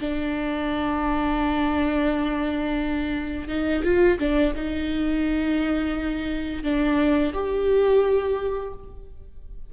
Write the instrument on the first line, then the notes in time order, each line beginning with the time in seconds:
viola
0.00 D4
3.48 D#4
3.84 F4
4.19 D4
4.55 D#4
6.63 D4
7.34 G4